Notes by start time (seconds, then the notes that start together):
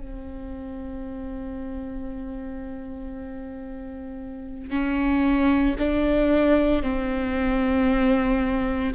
0.00 C4
4.70 C#4
5.79 D4
6.83 C4